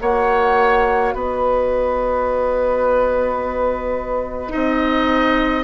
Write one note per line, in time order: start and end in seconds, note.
0.00 1.13 A#3
0.00 4.48 F#4
0.00 1.14 C#5
0.00 1.13 F#5
1.13 4.53 B3
1.13 4.52 B4
1.13 5.64 D#5
4.48 5.64 C4
4.48 5.62 D#4
4.48 5.64 D#5